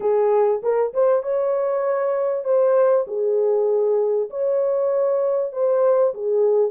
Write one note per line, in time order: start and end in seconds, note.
0.00 0.61 G#4
0.62 0.93 A#4
0.93 1.22 C5
1.22 2.44 C#5
2.44 3.05 C5
3.07 4.29 G#4
4.29 5.52 C#5
5.52 6.13 C5
6.14 6.70 G#4